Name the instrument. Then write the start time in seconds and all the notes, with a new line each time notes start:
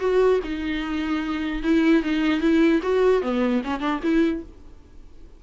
viola
0.00 F#4
0.44 D#4
1.63 E4
2.03 D#4
2.41 E4
2.83 F#4
3.23 B3
3.64 C#4
3.81 D4
4.03 E4